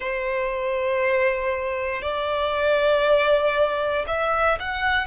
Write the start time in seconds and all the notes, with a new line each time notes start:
0.00 C5
2.02 D5
4.07 E5
4.59 F#5